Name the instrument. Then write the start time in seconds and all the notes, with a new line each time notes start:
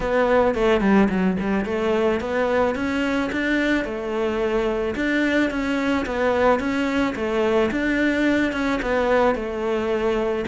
cello
0.00 B3
0.54 A3
0.80 G3
1.09 F#3
1.40 G3
1.65 A3
2.20 B3
2.75 C#4
3.32 D4
3.84 A3
4.95 D4
5.50 C#4
6.06 B3
6.59 C#4
7.15 A3
7.71 D4
8.52 C#4
8.81 B3
9.35 A3